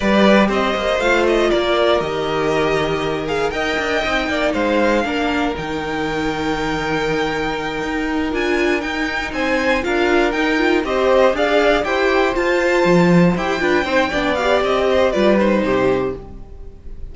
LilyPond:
<<
  \new Staff \with { instrumentName = "violin" } { \time 4/4 \tempo 4 = 119 d''4 dis''4 f''8 dis''8 d''4 | dis''2~ dis''8 f''8 g''4~ | g''4 f''2 g''4~ | g''1~ |
g''8 gis''4 g''4 gis''4 f''8~ | f''8 g''4 dis''4 f''4 g''8~ | g''8 a''2 g''4.~ | g''8 f''8 dis''4 d''8 c''4. | }
  \new Staff \with { instrumentName = "violin" } { \time 4/4 b'4 c''2 ais'4~ | ais'2. dis''4~ | dis''8 d''8 c''4 ais'2~ | ais'1~ |
ais'2~ ais'8 c''4 ais'8~ | ais'4. c''4 d''4 c''8~ | c''2. b'8 c''8 | d''4. c''8 b'4 g'4 | }
  \new Staff \with { instrumentName = "viola" } { \time 4/4 g'2 f'2 | g'2~ g'8 gis'8 ais'4 | dis'2 d'4 dis'4~ | dis'1~ |
dis'8 f'4 dis'2 f'8~ | f'8 dis'8 f'8 g'4 gis'4 g'8~ | g'8 f'2 g'8 f'8 dis'8 | d'8 g'4. f'8 dis'4. | }
  \new Staff \with { instrumentName = "cello" } { \time 4/4 g4 c'8 ais8 a4 ais4 | dis2. dis'8 d'8 | c'8 ais8 gis4 ais4 dis4~ | dis2.~ dis8 dis'8~ |
dis'8 d'4 dis'4 c'4 d'8~ | d'8 dis'4 c'4 d'4 e'8~ | e'8 f'4 f4 e'8 d'8 c'8 | b4 c'4 g4 c4 | }
>>